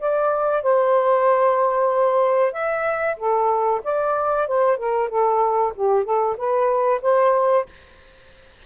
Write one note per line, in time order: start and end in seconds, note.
0.00 0.63 D5
0.63 2.53 C5
2.53 3.17 E5
3.17 3.81 A4
3.84 4.48 D5
4.48 4.77 C5
4.77 5.09 A#4
5.09 5.73 A4
5.76 6.05 G4
6.05 6.37 A4
6.38 7.02 B4
7.02 7.66 C5